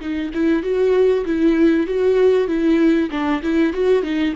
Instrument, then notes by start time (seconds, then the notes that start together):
viola
0.00 D#4
0.34 E4
0.63 F#4
1.25 E4
1.86 F#4
2.47 E4
3.11 D4
3.42 E4
3.73 F#4
4.03 D#4